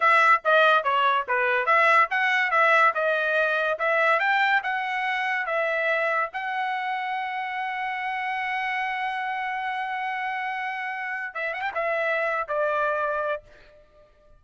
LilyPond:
\new Staff \with { instrumentName = "trumpet" } { \time 4/4 \tempo 4 = 143 e''4 dis''4 cis''4 b'4 | e''4 fis''4 e''4 dis''4~ | dis''4 e''4 g''4 fis''4~ | fis''4 e''2 fis''4~ |
fis''1~ | fis''1~ | fis''2. e''8 fis''16 g''16 | e''4.~ e''16 d''2~ d''16 | }